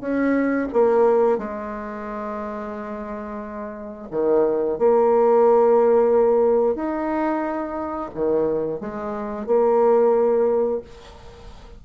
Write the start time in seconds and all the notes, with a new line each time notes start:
0.00 C#4
0.73 A#3
1.38 G#3
4.11 D#3
4.78 A#3
6.75 D#4
8.14 D#3
8.80 G#3
9.46 A#3